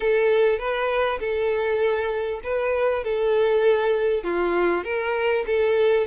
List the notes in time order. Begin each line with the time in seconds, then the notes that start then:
0.00 A4
0.58 B4
1.19 A4
2.43 B4
3.04 A4
4.23 F4
4.84 A#4
5.46 A4